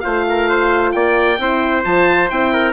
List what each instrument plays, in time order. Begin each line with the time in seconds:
0.00 bassoon A3, horn F4, trumpet C5, oboe F5
0.29 trumpet A#4
0.49 trumpet C5
0.92 bassoon A#3, trumpet D5, oboe G5
1.38 bassoon C4, horn E4, trumpet C5
1.84 bassoon F3, horn F4, oboe A5
2.29 bassoon C4, horn E4, oboe G5
2.53 trumpet A#4